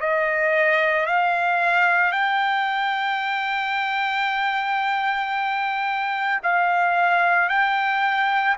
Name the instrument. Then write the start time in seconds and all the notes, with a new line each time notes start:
trumpet
0.00 D#5
1.06 F5
2.12 G5
6.43 F5
7.49 G5